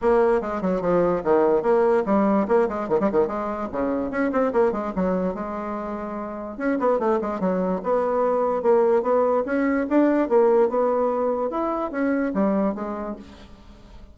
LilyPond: \new Staff \with { instrumentName = "bassoon" } { \time 4/4 \tempo 4 = 146 ais4 gis8 fis8 f4 dis4 | ais4 g4 ais8 gis8 dis16 g16 dis8 | gis4 cis4 cis'8 c'8 ais8 gis8 | fis4 gis2. |
cis'8 b8 a8 gis8 fis4 b4~ | b4 ais4 b4 cis'4 | d'4 ais4 b2 | e'4 cis'4 g4 gis4 | }